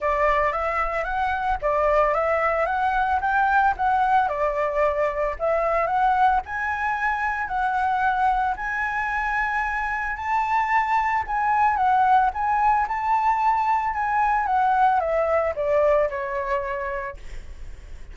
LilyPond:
\new Staff \with { instrumentName = "flute" } { \time 4/4 \tempo 4 = 112 d''4 e''4 fis''4 d''4 | e''4 fis''4 g''4 fis''4 | d''2 e''4 fis''4 | gis''2 fis''2 |
gis''2. a''4~ | a''4 gis''4 fis''4 gis''4 | a''2 gis''4 fis''4 | e''4 d''4 cis''2 | }